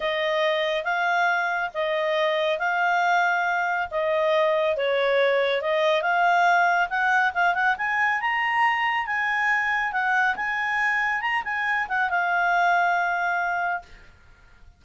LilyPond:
\new Staff \with { instrumentName = "clarinet" } { \time 4/4 \tempo 4 = 139 dis''2 f''2 | dis''2 f''2~ | f''4 dis''2 cis''4~ | cis''4 dis''4 f''2 |
fis''4 f''8 fis''8 gis''4 ais''4~ | ais''4 gis''2 fis''4 | gis''2 ais''8 gis''4 fis''8 | f''1 | }